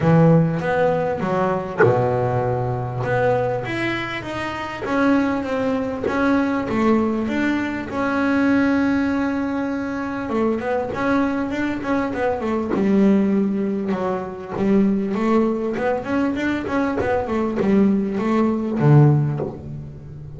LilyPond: \new Staff \with { instrumentName = "double bass" } { \time 4/4 \tempo 4 = 99 e4 b4 fis4 b,4~ | b,4 b4 e'4 dis'4 | cis'4 c'4 cis'4 a4 | d'4 cis'2.~ |
cis'4 a8 b8 cis'4 d'8 cis'8 | b8 a8 g2 fis4 | g4 a4 b8 cis'8 d'8 cis'8 | b8 a8 g4 a4 d4 | }